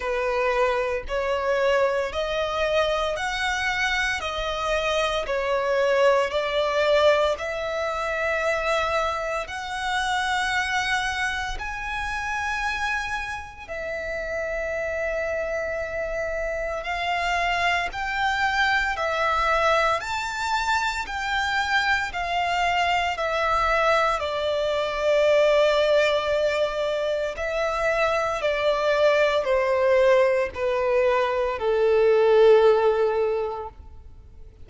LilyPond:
\new Staff \with { instrumentName = "violin" } { \time 4/4 \tempo 4 = 57 b'4 cis''4 dis''4 fis''4 | dis''4 cis''4 d''4 e''4~ | e''4 fis''2 gis''4~ | gis''4 e''2. |
f''4 g''4 e''4 a''4 | g''4 f''4 e''4 d''4~ | d''2 e''4 d''4 | c''4 b'4 a'2 | }